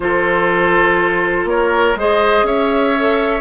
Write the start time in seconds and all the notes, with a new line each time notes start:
0.00 F3 F4 A4 C5
1.44 A#3 A#4 C#5
1.95 G#3 G#4 C5 D#5
2.42 C#4 C#5 E5
2.97 A4